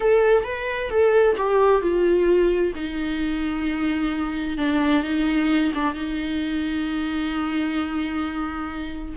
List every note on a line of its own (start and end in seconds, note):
0.00 0.44 A4
0.44 0.90 B4
0.90 1.36 A4
1.37 1.81 G4
1.81 2.73 F4
2.75 4.57 D#4
4.57 5.03 D4
5.03 5.72 D#4
5.74 5.94 D4
5.94 9.14 D#4